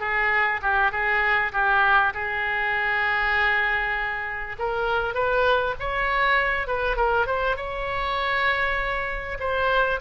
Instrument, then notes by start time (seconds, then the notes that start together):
oboe
0.00 G#4
0.62 G4
0.91 G#4
1.52 G4
2.14 G#4
4.59 A#4
5.14 B4
5.80 C#5
6.67 B4
6.96 A#4
7.26 C5
7.56 C#5
9.39 C5